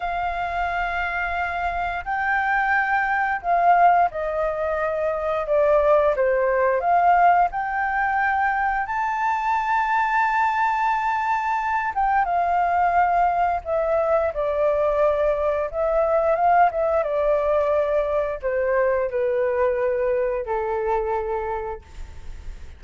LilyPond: \new Staff \with { instrumentName = "flute" } { \time 4/4 \tempo 4 = 88 f''2. g''4~ | g''4 f''4 dis''2 | d''4 c''4 f''4 g''4~ | g''4 a''2.~ |
a''4. g''8 f''2 | e''4 d''2 e''4 | f''8 e''8 d''2 c''4 | b'2 a'2 | }